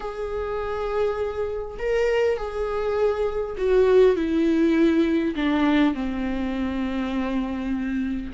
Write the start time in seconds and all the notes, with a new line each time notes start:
0.00 G#4
1.78 A#4
2.37 G#4
3.57 F#4
4.16 E4
5.35 D4
5.94 C4